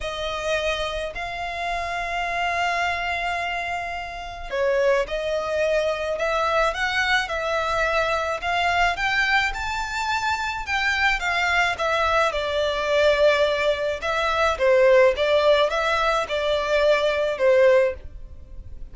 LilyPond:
\new Staff \with { instrumentName = "violin" } { \time 4/4 \tempo 4 = 107 dis''2 f''2~ | f''1 | cis''4 dis''2 e''4 | fis''4 e''2 f''4 |
g''4 a''2 g''4 | f''4 e''4 d''2~ | d''4 e''4 c''4 d''4 | e''4 d''2 c''4 | }